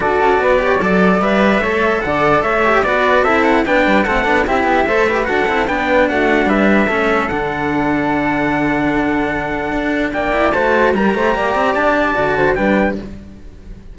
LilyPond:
<<
  \new Staff \with { instrumentName = "trumpet" } { \time 4/4 \tempo 4 = 148 d''2. e''4~ | e''4 fis''4 e''4 d''4 | e''8 fis''8 g''4 fis''4 e''4~ | e''4 fis''4 g''4 fis''4 |
e''2 fis''2~ | fis''1~ | fis''4 g''4 a''4 ais''4~ | ais''4 a''2 g''4 | }
  \new Staff \with { instrumentName = "flute" } { \time 4/4 a'4 b'8 cis''8 d''2 | cis''4 d''4 cis''4 b'4 | a'4 b'4 a'4 g'4 | c''8 b'8 a'4 b'4 fis'4 |
b'4 a'2.~ | a'1~ | a'4 d''4 c''4 ais'8 c''8 | d''2~ d''8 c''8 b'4 | }
  \new Staff \with { instrumentName = "cello" } { \time 4/4 fis'4. g'8 a'4 b'4 | a'2~ a'8 g'8 fis'4 | e'4 d'4 c'8 d'8 e'4 | a'8 g'8 fis'8 e'8 d'2~ |
d'4 cis'4 d'2~ | d'1~ | d'4. e'8 fis'4 g'4~ | g'2 fis'4 d'4 | }
  \new Staff \with { instrumentName = "cello" } { \time 4/4 d'8 cis'8 b4 fis4 g4 | a4 d4 a4 b4 | c'4 b8 g8 a8 b8 c'8 b8 | a4 d'8 c'8 b4 a4 |
g4 a4 d2~ | d1 | d'4 ais4 a4 g8 a8 | ais8 c'8 d'4 d4 g4 | }
>>